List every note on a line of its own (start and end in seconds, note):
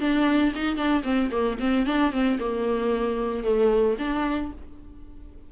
0.00 0.53 D4
0.56 0.77 D#4
0.77 1.03 D4
1.04 1.30 C4
1.32 1.59 A#3
1.60 1.86 C4
1.86 2.13 D4
2.13 2.39 C4
2.40 3.44 A#3
3.44 3.97 A3
3.99 4.52 D4